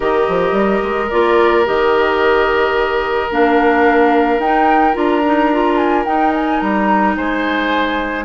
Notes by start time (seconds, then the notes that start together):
0.00 D#3 G4 A#4 D#5
0.28 F3
0.52 G3
0.82 G#3
1.10 A#3 F4 D5
1.64 D#3 G4 D#5
3.30 A#3 D4 F5
4.38 D#4 G5
4.93 D4 F4 A#5
5.25 D#4
5.52 F4
5.76 G#5
6.05 D#4 G5
6.33 G#5
6.60 G3 A#5
7.16 G#3 C5 G#5